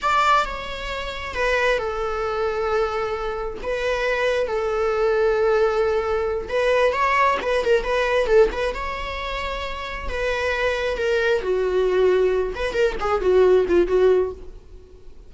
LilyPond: \new Staff \with { instrumentName = "viola" } { \time 4/4 \tempo 4 = 134 d''4 cis''2 b'4 | a'1 | b'2 a'2~ | a'2~ a'8 b'4 cis''8~ |
cis''8 b'8 ais'8 b'4 a'8 b'8 cis''8~ | cis''2~ cis''8 b'4.~ | b'8 ais'4 fis'2~ fis'8 | b'8 ais'8 gis'8 fis'4 f'8 fis'4 | }